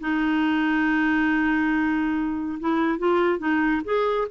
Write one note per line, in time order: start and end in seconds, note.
0.00 2.59 D#4
2.59 2.98 E4
2.98 3.38 F4
3.38 3.82 D#4
3.85 4.28 G#4